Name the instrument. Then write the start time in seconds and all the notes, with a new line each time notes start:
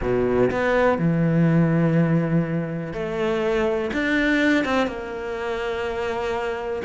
cello
0.01 B2
0.50 B3
0.98 E3
2.93 A3
3.93 D4
4.65 C4
4.87 A#3